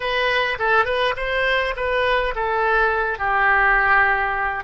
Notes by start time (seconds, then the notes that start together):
0.00 B4
0.59 A4
0.85 B4
1.16 C5
1.76 B4
2.35 A4
3.18 G4